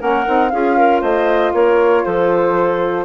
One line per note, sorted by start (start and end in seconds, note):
0.00 0.27 A#3
0.00 0.25 C#4
0.00 0.52 A#4
0.00 0.50 F#5
0.26 0.53 C4
0.26 0.52 D#4
0.50 1.02 C#4
0.50 3.05 F4
0.50 0.77 G#4
0.50 1.01 F5
0.77 1.02 A#4
1.02 1.53 A3
1.02 1.53 C5
1.02 1.54 D#5
1.54 2.05 A#3
1.54 2.05 A#4
1.54 2.05 C#5
2.05 3.05 F3
2.05 3.05 A4
2.05 3.05 C5